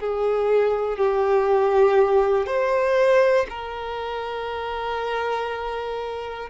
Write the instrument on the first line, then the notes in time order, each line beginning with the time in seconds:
violin
0.00 G#4
0.98 G4
2.46 C5
3.49 A#4